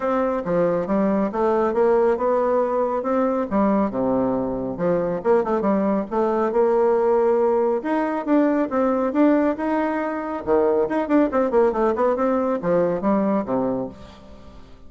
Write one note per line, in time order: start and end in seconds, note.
0.00 0.42 C4
0.45 0.87 F3
0.87 1.30 G3
1.32 1.73 A3
1.73 2.17 A#3
2.17 3.03 B3
3.03 3.46 C4
3.50 3.90 G3
3.90 4.77 C3
4.77 5.20 F3
5.23 5.44 A#3
5.44 5.61 A3
5.61 6.04 G3
6.10 6.51 A3
6.51 7.82 A#3
7.82 8.25 D#4
8.25 8.69 D4
8.70 9.12 C4
9.12 9.56 D4
9.57 10.43 D#4
10.45 10.88 D#3
10.88 11.08 D#4
11.08 11.29 D4
11.31 11.51 C4
11.51 11.72 A#3
11.72 11.94 A3
11.95 12.15 B3
12.15 12.59 C4
12.62 13.01 F3
13.01 13.44 G3
13.45 13.88 C3